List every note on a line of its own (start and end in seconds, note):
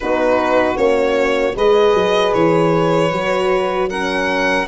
0.00 0.77 B3
0.00 0.75 D#4
0.00 1.55 F#4
0.00 0.77 B4
0.75 1.55 A#3
0.75 1.53 C#4
0.75 1.55 C#5
1.55 1.94 G#3
1.55 3.12 G#4
1.55 3.89 B4
1.55 2.33 D#5
1.94 2.32 F#3
2.33 3.11 E3
2.33 3.89 C#5
3.11 4.67 F#3
3.11 3.89 F#4
3.89 4.67 C#4
3.89 4.67 A#4
3.89 4.67 F#5